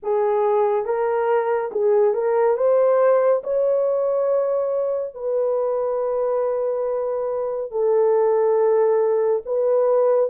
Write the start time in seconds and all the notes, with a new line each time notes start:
0.02 G#4
0.85 A#4
1.71 G#4
2.14 A#4
2.56 C5
3.43 C#5
5.14 B4
7.71 A4
9.45 B4